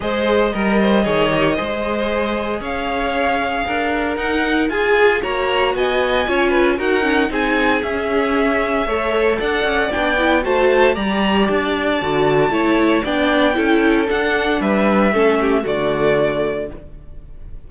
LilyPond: <<
  \new Staff \with { instrumentName = "violin" } { \time 4/4 \tempo 4 = 115 dis''1~ | dis''4 f''2. | fis''4 gis''4 ais''4 gis''4~ | gis''4 fis''4 gis''4 e''4~ |
e''2 fis''4 g''4 | a''4 ais''4 a''2~ | a''4 g''2 fis''4 | e''2 d''2 | }
  \new Staff \with { instrumentName = "violin" } { \time 4/4 c''4 ais'8 c''8 cis''4 c''4~ | c''4 cis''2 ais'4~ | ais'4 gis'4 cis''4 dis''4 | cis''8 b'8 ais'4 gis'2~ |
gis'4 cis''4 d''2 | c''4 d''2. | cis''4 d''4 a'2 | b'4 a'8 g'8 fis'2 | }
  \new Staff \with { instrumentName = "viola" } { \time 4/4 gis'4 ais'4 gis'8 g'8 gis'4~ | gis'1 | dis'4 gis'4 fis'2 | f'4 fis'8 cis'8 dis'4 cis'4~ |
cis'4 a'2 d'8 e'8 | fis'4 g'2 fis'4 | e'4 d'4 e'4 d'4~ | d'4 cis'4 a2 | }
  \new Staff \with { instrumentName = "cello" } { \time 4/4 gis4 g4 dis4 gis4~ | gis4 cis'2 d'4 | dis'4 f'4 ais4 b4 | cis'4 dis'4 c'4 cis'4~ |
cis'4 a4 d'8 cis'8 b4 | a4 g4 d'4 d4 | a4 b4 cis'4 d'4 | g4 a4 d2 | }
>>